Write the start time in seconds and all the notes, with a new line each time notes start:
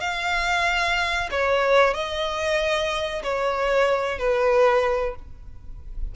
0.00 F5
1.31 C#5
1.94 D#5
3.23 C#5
4.18 B4